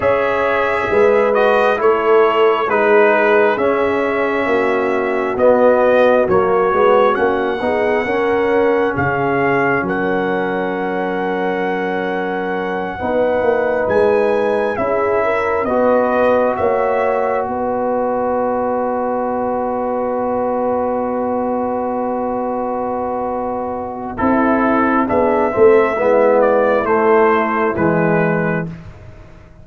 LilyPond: <<
  \new Staff \with { instrumentName = "trumpet" } { \time 4/4 \tempo 4 = 67 e''4. dis''8 cis''4 b'4 | e''2 dis''4 cis''4 | fis''2 f''4 fis''4~ | fis''2.~ fis''8 gis''8~ |
gis''8 e''4 dis''4 e''4 dis''8~ | dis''1~ | dis''2. a'4 | e''4. d''8 c''4 b'4 | }
  \new Staff \with { instrumentName = "horn" } { \time 4/4 cis''4 b'4 a'4 gis'4~ | gis'4 fis'2.~ | fis'8 gis'8 ais'4 gis'4 ais'4~ | ais'2~ ais'8 b'4.~ |
b'8 gis'8 ais'8 b'4 cis''4 b'8~ | b'1~ | b'2. e'4 | gis'8 a'8 e'2. | }
  \new Staff \with { instrumentName = "trombone" } { \time 4/4 gis'4. fis'8 e'4 dis'4 | cis'2 b4 ais8 b8 | cis'8 dis'8 cis'2.~ | cis'2~ cis'8 dis'4.~ |
dis'8 e'4 fis'2~ fis'8~ | fis'1~ | fis'2. e'4 | d'8 c'8 b4 a4 gis4 | }
  \new Staff \with { instrumentName = "tuba" } { \time 4/4 cis'4 gis4 a4 gis4 | cis'4 ais4 b4 fis8 gis8 | ais8 b8 cis'4 cis4 fis4~ | fis2~ fis8 b8 ais8 gis8~ |
gis8 cis'4 b4 ais4 b8~ | b1~ | b2. c'4 | b8 a8 gis4 a4 e4 | }
>>